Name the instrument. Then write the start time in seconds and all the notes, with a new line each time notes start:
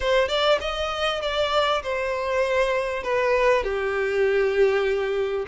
violin
0.00 C5
0.28 D5
0.61 D#5
1.21 D5
1.83 C5
3.03 B4
3.63 G4